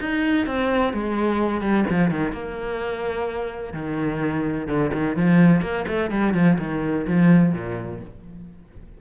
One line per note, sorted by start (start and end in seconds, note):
0.00 0.46 D#4
0.46 0.93 C4
0.93 1.61 G#3
1.61 1.85 G3
1.89 2.10 F3
2.10 2.32 D#3
2.32 3.73 A#3
3.73 4.68 D#3
4.68 4.91 D3
4.93 5.16 D#3
5.16 5.62 F3
5.62 5.85 A#3
5.87 6.11 A3
6.11 6.34 G3
6.34 6.57 F3
6.58 7.06 D#3
7.07 7.53 F3
7.53 8.00 A#2